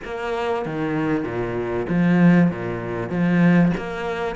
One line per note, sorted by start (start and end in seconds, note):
0.04 0.65 A#3
0.65 1.24 D#3
1.24 1.86 A#2
1.88 2.50 F3
2.50 3.09 A#2
3.09 3.72 F3
3.77 4.35 A#3